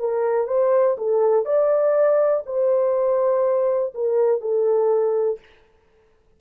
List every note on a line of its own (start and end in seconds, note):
0.00 0.47 A#4
0.47 0.97 C5
0.98 1.45 A4
1.45 2.44 D5
2.46 3.93 C5
3.94 4.41 A#4
4.41 5.40 A4